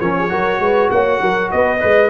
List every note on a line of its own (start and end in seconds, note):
0.00 0.30 F3
0.00 0.29 C#4
0.00 0.16 A#4
0.00 0.90 C#5
0.18 0.30 G#4
0.29 0.59 F#3
0.29 1.79 F#4
0.29 0.60 A#4
0.59 0.89 G#3
0.59 0.91 B4
0.90 1.20 A#3
0.90 1.21 C#5
0.90 1.51 F#5
1.21 1.51 F#3
1.21 1.51 A#4
1.51 1.82 B3
1.51 1.78 B4
1.51 2.10 D#5
1.78 2.10 G#3
1.78 2.10 B4
1.78 2.08 D#5